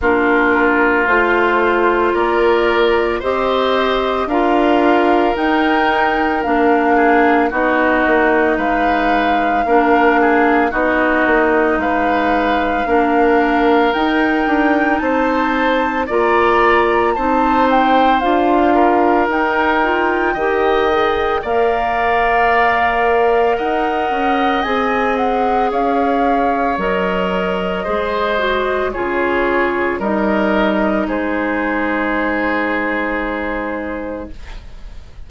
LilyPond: <<
  \new Staff \with { instrumentName = "flute" } { \time 4/4 \tempo 4 = 56 ais'4 c''4 d''4 dis''4 | f''4 g''4 f''4 dis''4 | f''2 dis''4 f''4~ | f''4 g''4 a''4 ais''4 |
a''8 g''8 f''4 g''2 | f''2 fis''4 gis''8 fis''8 | f''4 dis''2 cis''4 | dis''4 c''2. | }
  \new Staff \with { instrumentName = "oboe" } { \time 4/4 f'2 ais'4 c''4 | ais'2~ ais'8 gis'8 fis'4 | b'4 ais'8 gis'8 fis'4 b'4 | ais'2 c''4 d''4 |
c''4. ais'4. dis''4 | d''2 dis''2 | cis''2 c''4 gis'4 | ais'4 gis'2. | }
  \new Staff \with { instrumentName = "clarinet" } { \time 4/4 d'4 f'2 g'4 | f'4 dis'4 d'4 dis'4~ | dis'4 d'4 dis'2 | d'4 dis'2 f'4 |
dis'4 f'4 dis'8 f'8 g'8 gis'8 | ais'2. gis'4~ | gis'4 ais'4 gis'8 fis'8 f'4 | dis'1 | }
  \new Staff \with { instrumentName = "bassoon" } { \time 4/4 ais4 a4 ais4 c'4 | d'4 dis'4 ais4 b8 ais8 | gis4 ais4 b8 ais8 gis4 | ais4 dis'8 d'8 c'4 ais4 |
c'4 d'4 dis'4 dis4 | ais2 dis'8 cis'8 c'4 | cis'4 fis4 gis4 cis4 | g4 gis2. | }
>>